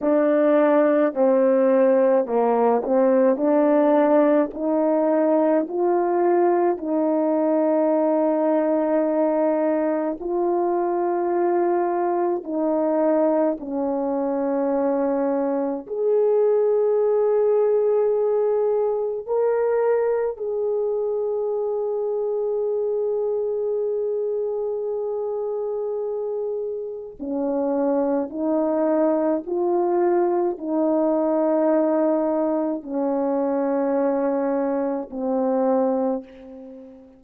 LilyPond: \new Staff \with { instrumentName = "horn" } { \time 4/4 \tempo 4 = 53 d'4 c'4 ais8 c'8 d'4 | dis'4 f'4 dis'2~ | dis'4 f'2 dis'4 | cis'2 gis'2~ |
gis'4 ais'4 gis'2~ | gis'1 | cis'4 dis'4 f'4 dis'4~ | dis'4 cis'2 c'4 | }